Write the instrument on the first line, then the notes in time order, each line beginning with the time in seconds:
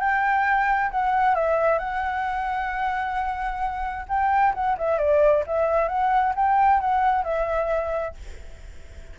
flute
0.00 G5
0.91 F#5
1.35 E5
1.79 F#5
4.08 G5
4.55 F#5
4.78 E5
4.98 D5
5.47 E5
5.89 F#5
6.36 G5
6.80 F#5
7.24 E5